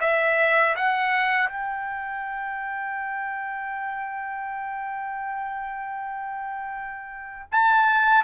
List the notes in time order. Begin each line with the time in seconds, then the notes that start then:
0.00 E5
0.75 F#5
1.49 G5
7.51 A5